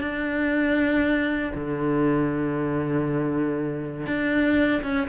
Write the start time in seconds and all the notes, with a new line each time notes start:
0.00 D4
1.54 D3
4.06 D4
4.82 C#4